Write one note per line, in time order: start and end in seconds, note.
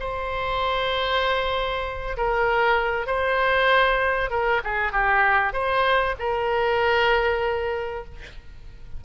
0.00 2.16 C5
2.17 3.06 A#4
3.06 4.30 C5
4.30 4.61 A#4
4.64 4.92 G#4
4.92 5.53 G4
5.53 6.15 C5
6.19 8.04 A#4